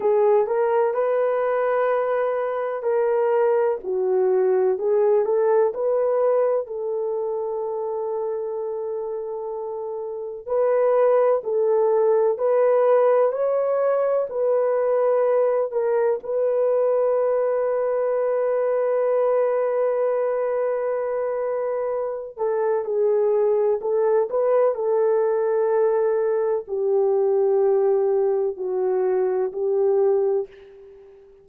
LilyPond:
\new Staff \with { instrumentName = "horn" } { \time 4/4 \tempo 4 = 63 gis'8 ais'8 b'2 ais'4 | fis'4 gis'8 a'8 b'4 a'4~ | a'2. b'4 | a'4 b'4 cis''4 b'4~ |
b'8 ais'8 b'2.~ | b'2.~ b'8 a'8 | gis'4 a'8 b'8 a'2 | g'2 fis'4 g'4 | }